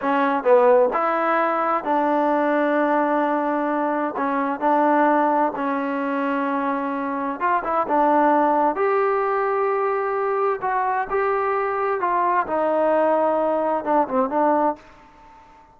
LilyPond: \new Staff \with { instrumentName = "trombone" } { \time 4/4 \tempo 4 = 130 cis'4 b4 e'2 | d'1~ | d'4 cis'4 d'2 | cis'1 |
f'8 e'8 d'2 g'4~ | g'2. fis'4 | g'2 f'4 dis'4~ | dis'2 d'8 c'8 d'4 | }